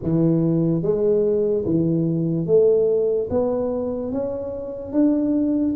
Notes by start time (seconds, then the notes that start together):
0.02 E3
0.82 G#3
1.65 E3
2.46 A3
3.30 B3
4.11 C#4
4.92 D4